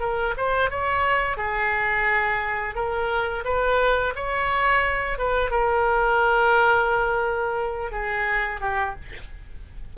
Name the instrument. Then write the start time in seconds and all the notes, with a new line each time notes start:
oboe
0.00 A#4
0.37 C5
0.70 C#5
1.37 G#4
2.75 A#4
3.45 B4
4.16 C#5
5.18 B4
5.51 A#4
7.92 G#4
8.61 G4